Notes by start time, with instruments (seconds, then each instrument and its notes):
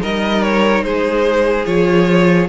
0.00 cello G3, viola D#4, violin A#4 D#5
0.43 violin C#5
0.83 cello G#3, violin G#4 C5
1.65 cello F3, viola F4, violin C#5